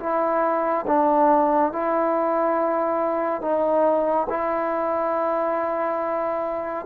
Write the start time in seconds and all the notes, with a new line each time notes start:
0.00 E4
0.87 D4
1.72 E4
3.42 D#4
4.30 E4